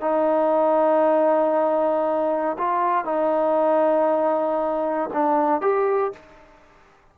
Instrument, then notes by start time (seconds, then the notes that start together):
trombone
0.00 D#4
2.58 F4
3.05 D#4
5.13 D4
5.61 G4